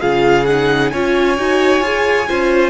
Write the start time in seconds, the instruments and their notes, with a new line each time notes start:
0.00 cello C#3, viola F4, violin G#4 F5
0.45 viola D#4, violin F#5
0.90 cello C#4, viola F4, violin C#5 G#5
1.38 cello D#4, viola F#4
1.80 cello F4, viola G#4
2.28 cello C#4, viola F4, violin C5